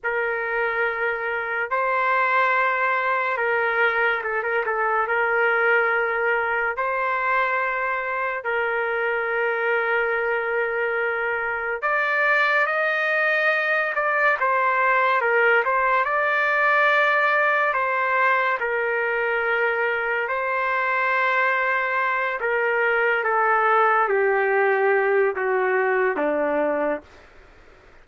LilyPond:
\new Staff \with { instrumentName = "trumpet" } { \time 4/4 \tempo 4 = 71 ais'2 c''2 | ais'4 a'16 ais'16 a'8 ais'2 | c''2 ais'2~ | ais'2 d''4 dis''4~ |
dis''8 d''8 c''4 ais'8 c''8 d''4~ | d''4 c''4 ais'2 | c''2~ c''8 ais'4 a'8~ | a'8 g'4. fis'4 d'4 | }